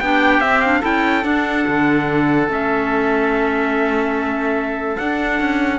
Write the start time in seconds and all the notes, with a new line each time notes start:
0.00 B3 D4 G4 G5
0.41 C4 E5
0.62 D4 F5
0.81 C#4 E4 A4 G5
1.22 D4 F#5
1.68 D3
2.49 A3 C#4 E5
4.97 D4 F#5
5.40 C#4